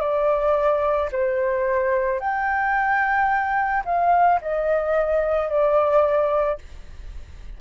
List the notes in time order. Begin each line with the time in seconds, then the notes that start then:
0.00 D5
1.12 C5
2.19 G5
3.85 F5
4.41 D#5
5.49 D5